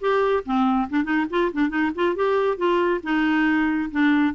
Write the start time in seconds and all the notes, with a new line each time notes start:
0.00 G4
0.45 C4
0.90 D4
1.04 D#4
1.30 F4
1.53 D4
1.69 D#4
1.95 F4
2.16 G4
2.57 F4
3.03 D#4
3.91 D4